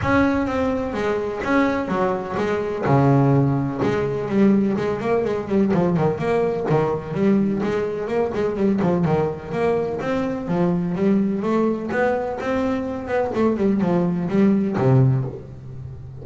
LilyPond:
\new Staff \with { instrumentName = "double bass" } { \time 4/4 \tempo 4 = 126 cis'4 c'4 gis4 cis'4 | fis4 gis4 cis2 | gis4 g4 gis8 ais8 gis8 g8 | f8 dis8 ais4 dis4 g4 |
gis4 ais8 gis8 g8 f8 dis4 | ais4 c'4 f4 g4 | a4 b4 c'4. b8 | a8 g8 f4 g4 c4 | }